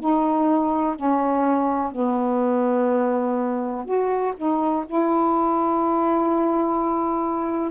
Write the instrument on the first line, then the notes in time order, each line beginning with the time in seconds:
saxophone
0.00 D#4
0.96 C#4
1.92 B3
3.85 F#4
4.37 D#4
4.87 E4